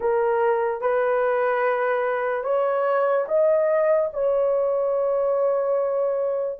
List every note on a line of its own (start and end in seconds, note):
0.00 0.81 A#4
0.81 2.43 B4
2.43 3.25 C#5
3.28 4.10 D#5
4.13 6.59 C#5